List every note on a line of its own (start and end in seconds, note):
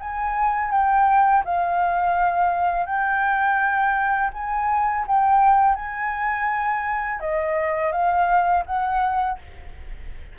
0.00 0.72 G#5
0.72 1.44 G5
1.45 2.86 F5
2.86 4.31 G5
4.34 5.06 G#5
5.08 5.76 G5
5.76 7.20 G#5
7.20 7.92 D#5
7.92 8.65 F5
8.66 9.39 F#5